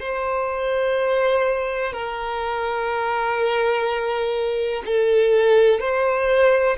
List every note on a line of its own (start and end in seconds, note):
0.00 1.93 C5
1.93 4.83 A#4
4.86 5.80 A4
5.80 6.77 C5